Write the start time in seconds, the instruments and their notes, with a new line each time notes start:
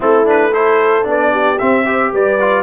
0.00 tuba A3, trombone C4, horn E4, trumpet A4
0.24 trombone D4, trumpet B4
0.52 trombone E4, horn A4, trumpet C5
1.03 tuba B3, trombone D4
1.10 trumpet D5
1.31 horn G4
1.58 trombone C4, tuba C4, trumpet E5
1.85 trombone G4, horn C5
2.12 tuba G3, horn B4, trumpet D5
2.40 trombone F4